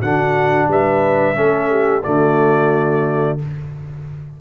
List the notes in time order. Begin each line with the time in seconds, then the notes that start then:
0.00 D3 D4 F#4 F#5
0.68 G3 B4 E5
1.35 A3 C#4 A4
1.70 G4
2.03 D3 A3 F#4 D5